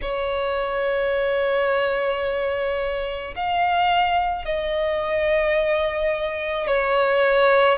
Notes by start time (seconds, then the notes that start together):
0.01 C#5
3.35 F5
4.44 D#5
6.67 C#5